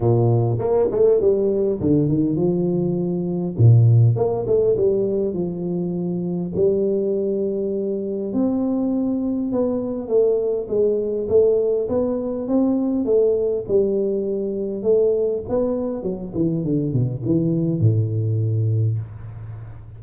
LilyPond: \new Staff \with { instrumentName = "tuba" } { \time 4/4 \tempo 4 = 101 ais,4 ais8 a8 g4 d8 dis8 | f2 ais,4 ais8 a8 | g4 f2 g4~ | g2 c'2 |
b4 a4 gis4 a4 | b4 c'4 a4 g4~ | g4 a4 b4 fis8 e8 | d8 b,8 e4 a,2 | }